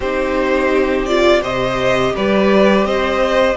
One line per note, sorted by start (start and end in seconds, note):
0.00 1.42 C4
0.00 1.08 D#4
0.00 1.41 G4
0.00 1.05 C5
1.05 1.41 F4
1.05 1.41 D5
1.41 2.14 C3
1.41 3.55 G4
1.41 2.12 C5
1.41 2.15 D#5
2.15 2.84 G3
2.15 2.86 B4
2.15 2.85 D5
2.84 3.56 C4
2.84 3.56 C5
2.84 3.56 D#5